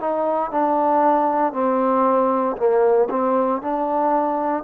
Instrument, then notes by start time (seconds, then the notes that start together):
trombone
0.00 D#4
0.52 D4
1.53 C4
2.57 A#3
3.10 C4
3.62 D4